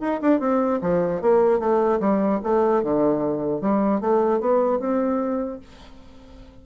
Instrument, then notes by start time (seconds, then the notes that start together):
bassoon
0.00 D#4
0.21 D4
0.40 C4
0.81 F3
1.21 A#3
1.59 A3
1.99 G3
2.43 A3
2.83 D3
3.61 G3
4.00 A3
4.40 B3
4.79 C4